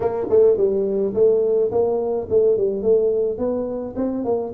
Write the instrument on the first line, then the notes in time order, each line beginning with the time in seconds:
tuba
0.00 A#3
0.29 A3
0.57 G3
1.14 A3
1.71 A#3
2.29 A3
2.57 G3
2.82 A3
3.38 B3
3.96 C4
4.24 A#3